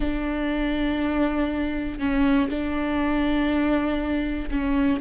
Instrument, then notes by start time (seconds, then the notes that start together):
viola
0.00 D4
1.99 C#4
2.49 D4
4.50 C#4